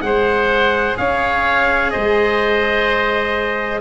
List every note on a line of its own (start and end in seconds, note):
0.00 0.96 G#3
0.00 3.81 G#4
0.00 0.99 C5
0.00 0.96 F#5
0.97 1.93 C#4
0.97 1.92 C#5
0.97 1.90 F5
1.90 3.81 G#3
1.90 3.81 C5
1.90 3.80 D#5